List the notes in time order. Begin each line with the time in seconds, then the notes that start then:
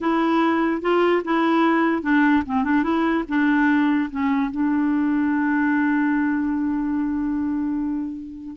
0.00 E4
0.81 F4
1.24 E4
2.02 D4
2.46 C4
2.64 D4
2.83 E4
3.28 D4
4.10 C#4
4.51 D4